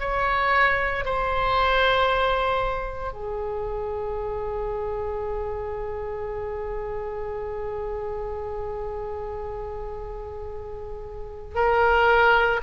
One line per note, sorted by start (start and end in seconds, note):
0.00 1.05 C#5
1.05 3.13 C5
3.13 11.55 G#4
11.55 12.60 A#4